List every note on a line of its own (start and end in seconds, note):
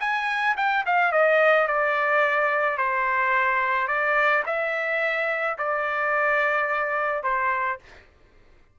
0.00 0.56 G#5
0.57 0.84 G5
0.86 1.12 F5
1.12 1.67 D#5
1.67 2.78 D5
2.78 3.88 C5
3.88 4.43 D5
4.46 5.57 E5
5.58 7.23 D5
7.23 7.79 C5